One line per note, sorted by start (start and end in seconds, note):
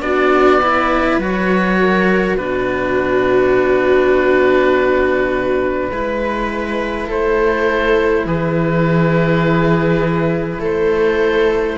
0.00 1.18 B3
0.00 0.60 D4
0.00 0.61 F#4
0.00 1.18 D5
0.62 1.20 E4
0.62 1.79 B4
1.18 2.35 F#3
1.18 2.38 F#4
1.18 2.36 C#5
1.80 2.39 A#4
2.36 5.90 B2
2.36 5.91 D4
2.36 5.92 F#4
2.36 7.07 B4
5.90 7.08 G#3
5.90 11.78 E4
5.90 7.06 B4
7.06 8.25 A3
7.06 8.24 A4
7.06 8.26 C5
8.25 10.59 E3
8.25 10.60 G#4
8.25 10.62 B4
10.59 11.76 A3
10.59 11.78 A4
10.59 11.78 C5